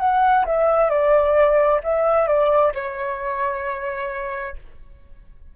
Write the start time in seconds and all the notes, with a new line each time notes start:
0.00 F#5
0.46 E5
0.90 D5
1.84 E5
2.28 D5
2.75 C#5